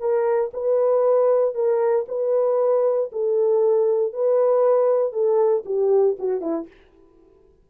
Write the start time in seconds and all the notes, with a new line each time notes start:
0.00 A#4
0.53 B4
1.55 A#4
2.08 B4
3.12 A4
4.13 B4
5.13 A4
5.66 G4
6.19 F#4
6.41 E4